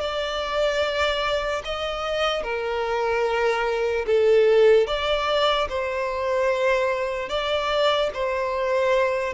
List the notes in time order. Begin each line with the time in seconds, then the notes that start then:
0.00 D5
1.64 D#5
2.43 A#4
4.06 A4
4.86 D5
5.69 C5
7.29 D5
8.13 C5